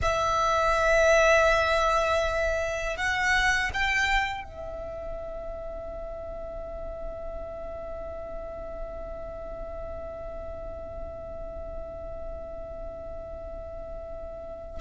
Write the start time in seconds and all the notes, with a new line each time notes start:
0.02 E5
2.96 F#5
3.73 G5
4.44 E5